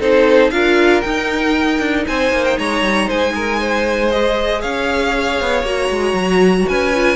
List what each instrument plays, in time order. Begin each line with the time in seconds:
0.00 cello C4, viola D#4, violin A4 C5
0.51 cello D4, viola F4, violin A#4 F5
1.01 viola D#4, cello D#4, violin G5
1.80 cello D4
2.07 cello C4, violin C5 G#5
2.32 cello A#3
2.45 violin G5
2.59 cello G#3, violin C#5 A#5
2.82 cello G3
3.07 cello G#3, violin C5 G#5
3.35 violin A#4
3.60 violin C5
4.11 viola G#4, violin D#5
4.61 cello C#4, violin C#5 F5
5.41 cello B3
5.63 cello A#3, viola F#4, violin A#5
5.90 cello G#3
6.14 cello F#3
6.68 cello C#4, violin B4 G#5
6.95 viola F4